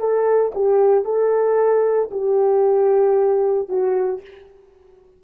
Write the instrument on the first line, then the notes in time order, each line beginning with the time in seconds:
horn
0.00 A4
0.55 G4
1.05 A4
2.11 G4
3.69 F#4